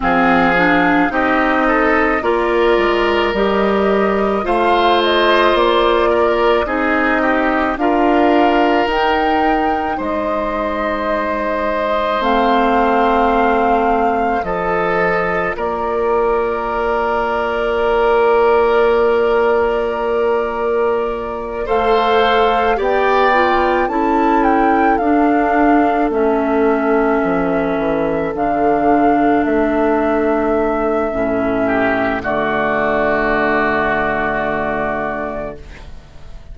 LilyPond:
<<
  \new Staff \with { instrumentName = "flute" } { \time 4/4 \tempo 4 = 54 f''4 dis''4 d''4 dis''4 | f''8 dis''8 d''4 dis''4 f''4 | g''4 dis''2 f''4~ | f''4 dis''4 d''2~ |
d''2.~ d''8 f''8~ | f''8 g''4 a''8 g''8 f''4 e''8~ | e''4. f''4 e''4.~ | e''4 d''2. | }
  \new Staff \with { instrumentName = "oboe" } { \time 4/4 gis'4 g'8 a'8 ais'2 | c''4. ais'8 gis'8 g'8 ais'4~ | ais'4 c''2.~ | c''4 a'4 ais'2~ |
ais'2.~ ais'8 c''8~ | c''8 d''4 a'2~ a'8~ | a'1~ | a'8 g'8 fis'2. | }
  \new Staff \with { instrumentName = "clarinet" } { \time 4/4 c'8 d'8 dis'4 f'4 g'4 | f'2 dis'4 f'4 | dis'2. c'4~ | c'4 f'2.~ |
f'2.~ f'8 a'8~ | a'8 g'8 f'8 e'4 d'4 cis'8~ | cis'4. d'2~ d'8 | cis'4 a2. | }
  \new Staff \with { instrumentName = "bassoon" } { \time 4/4 f4 c'4 ais8 gis8 g4 | a4 ais4 c'4 d'4 | dis'4 gis2 a4~ | a4 f4 ais2~ |
ais2.~ ais8 a8~ | a8 b4 cis'4 d'4 a8~ | a8 f8 e8 d4 a4. | a,4 d2. | }
>>